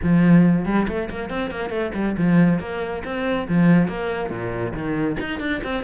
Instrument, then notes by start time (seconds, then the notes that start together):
cello
0.02 F3
0.65 G3
0.88 A3
1.09 A#3
1.29 C4
1.50 A#3
1.69 A3
1.94 G3
2.17 F3
2.59 A#3
3.04 C4
3.48 F3
3.87 A#3
4.30 A#2
4.73 D#3
5.19 D#4
5.39 D4
5.63 C4